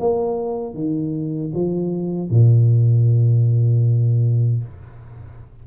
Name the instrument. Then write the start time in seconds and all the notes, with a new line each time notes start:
tuba
0.00 A#3
0.74 D#3
1.54 F3
2.30 A#2